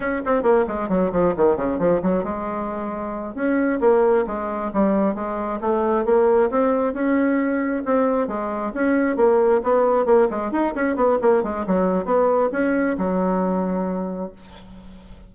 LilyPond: \new Staff \with { instrumentName = "bassoon" } { \time 4/4 \tempo 4 = 134 cis'8 c'8 ais8 gis8 fis8 f8 dis8 cis8 | f8 fis8 gis2~ gis8 cis'8~ | cis'8 ais4 gis4 g4 gis8~ | gis8 a4 ais4 c'4 cis'8~ |
cis'4. c'4 gis4 cis'8~ | cis'8 ais4 b4 ais8 gis8 dis'8 | cis'8 b8 ais8 gis8 fis4 b4 | cis'4 fis2. | }